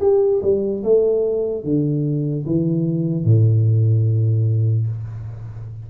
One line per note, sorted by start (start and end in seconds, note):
0.00 0.41 G4
0.42 0.83 G3
0.83 1.63 A3
1.63 2.44 D3
2.45 3.24 E3
3.24 4.86 A2